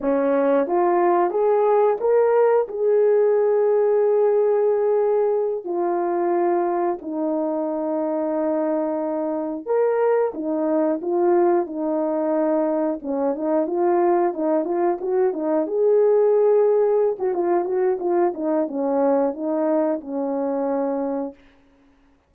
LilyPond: \new Staff \with { instrumentName = "horn" } { \time 4/4 \tempo 4 = 90 cis'4 f'4 gis'4 ais'4 | gis'1~ | gis'8 f'2 dis'4.~ | dis'2~ dis'8 ais'4 dis'8~ |
dis'8 f'4 dis'2 cis'8 | dis'8 f'4 dis'8 f'8 fis'8 dis'8 gis'8~ | gis'4.~ gis'16 fis'16 f'8 fis'8 f'8 dis'8 | cis'4 dis'4 cis'2 | }